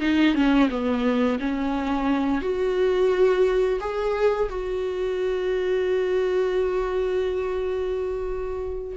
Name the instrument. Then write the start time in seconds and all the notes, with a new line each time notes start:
viola
0.00 D#4
0.34 C#4
0.70 B3
1.39 C#4
2.41 F#4
3.80 G#4
4.50 F#4